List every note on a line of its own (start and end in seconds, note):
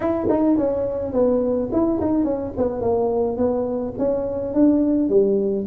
0.00 0.27 E4
0.29 0.57 D#4
0.57 1.12 C#4
1.12 1.69 B3
1.71 2.00 E4
2.00 2.24 D#4
2.24 2.52 C#4
2.57 2.80 B3
2.80 3.37 A#3
3.37 3.93 B3
3.98 4.54 C#4
4.54 5.09 D4
5.09 5.66 G3